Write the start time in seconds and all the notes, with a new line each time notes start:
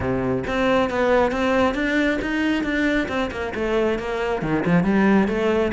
0.00 C3
0.47 C4
0.90 B3
1.31 C4
1.74 D4
2.21 D#4
2.63 D4
3.08 C4
3.31 A#3
3.55 A3
3.98 A#3
4.42 D#3
4.65 F3
4.83 G3
5.27 A3